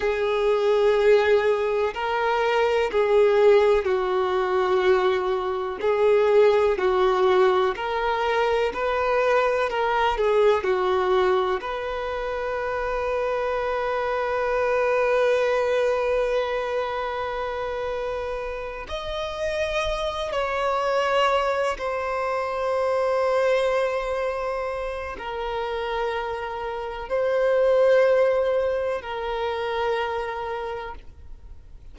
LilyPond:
\new Staff \with { instrumentName = "violin" } { \time 4/4 \tempo 4 = 62 gis'2 ais'4 gis'4 | fis'2 gis'4 fis'4 | ais'4 b'4 ais'8 gis'8 fis'4 | b'1~ |
b'2.~ b'8 dis''8~ | dis''4 cis''4. c''4.~ | c''2 ais'2 | c''2 ais'2 | }